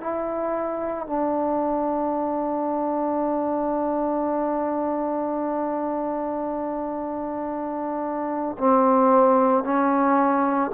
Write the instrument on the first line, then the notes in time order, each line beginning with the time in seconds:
trombone
0.00 E4
1.07 D4
8.58 C4
9.63 C#4